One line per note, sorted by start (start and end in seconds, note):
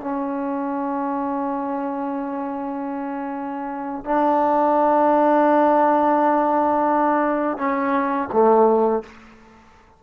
0.00 4.05 C#4
4.05 7.57 D4
7.57 8.28 C#4
8.32 9.03 A3